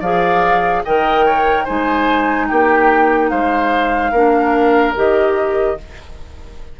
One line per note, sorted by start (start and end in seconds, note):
0.00 0.83 F3
0.00 0.85 G#4
0.00 0.82 D5
0.00 0.84 F5
0.85 1.69 D#3
0.85 1.67 A#4
0.85 1.25 D#5
0.85 1.65 G5
1.25 1.64 C#5
1.64 2.51 G#3
1.64 4.14 D#4
1.64 2.46 C5
1.64 2.47 G#5
2.48 3.32 A#3
2.48 3.30 G4
2.48 3.30 G5
3.30 4.12 G#3
3.30 4.11 C5
3.30 4.94 F5
4.11 4.94 A#3
4.11 4.95 D4
4.11 5.76 A#4
4.95 5.79 D#3
4.95 5.78 G4
4.95 5.80 D#5